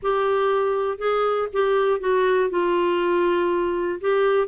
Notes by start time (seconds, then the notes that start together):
0.02 G4
0.97 G#4
1.52 G4
2.00 F#4
2.50 F4
4.00 G4